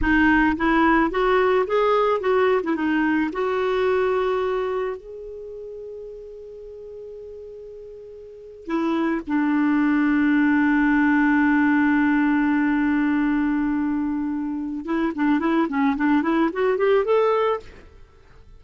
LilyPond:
\new Staff \with { instrumentName = "clarinet" } { \time 4/4 \tempo 4 = 109 dis'4 e'4 fis'4 gis'4 | fis'8. e'16 dis'4 fis'2~ | fis'4 gis'2.~ | gis'2.~ gis'8. e'16~ |
e'8. d'2.~ d'16~ | d'1~ | d'2. e'8 d'8 | e'8 cis'8 d'8 e'8 fis'8 g'8 a'4 | }